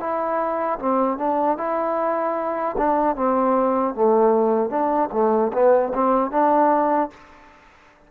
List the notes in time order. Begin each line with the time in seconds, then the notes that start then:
0.00 E4
0.80 C4
1.18 D4
1.58 E4
2.78 D4
3.16 C4
3.95 A3
4.70 D4
5.13 A3
5.54 B3
5.95 C4
6.32 D4